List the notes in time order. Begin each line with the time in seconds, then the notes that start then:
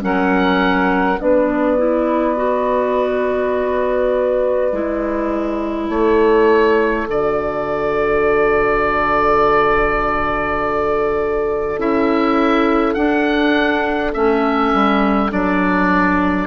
0.00 F#3 C#4 A#4 F#5
1.18 B3 D4 B4 D5
1.77 E4
2.36 F#4
4.72 G#3 E4
5.88 A3 A4 C#5
7.07 D3 F#4 D5
11.77 C#4 E4 E5
12.94 D4 F#5
14.13 A3 C#4 E5
14.74 G3
15.30 F#3 D4 D5